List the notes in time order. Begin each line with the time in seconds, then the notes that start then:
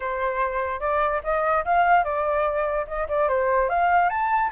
0.00 C5
0.80 D5
1.23 D#5
1.64 F5
2.03 D5
2.87 D#5
3.08 D5
3.28 C5
3.69 F5
4.09 A5